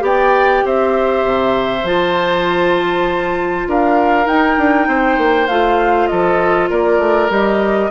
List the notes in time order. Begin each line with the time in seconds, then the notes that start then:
0.00 B3 G4 D5 G5
0.65 C4 C5 E5
1.24 C3
1.83 F3 F4 A5
3.68 D4 A#4 F5
4.25 D#4 G5
4.57 D4
4.87 C4 C5
5.18 A#3
5.47 A3 F4 F5
6.07 F3 A4 D#5
6.70 A#3 A#4 D5
6.99 A3
7.30 G3 G4 D#5